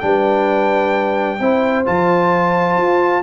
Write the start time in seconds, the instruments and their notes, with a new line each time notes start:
0.00 tuba G3, trombone D4, horn B4, trumpet G5
1.40 tuba C4, trombone E4, horn C5
1.85 tuba F3, trombone F4, trumpet A5
2.77 tuba F4